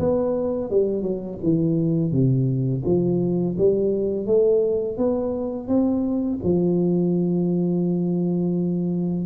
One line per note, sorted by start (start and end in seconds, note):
0.00 0.71 B3
0.71 1.03 G3
1.03 1.38 F#3
1.44 2.12 E3
2.12 2.83 C3
2.86 3.57 F3
3.58 4.27 G3
4.27 4.98 A3
4.98 5.68 B3
5.68 6.40 C4
6.44 9.26 F3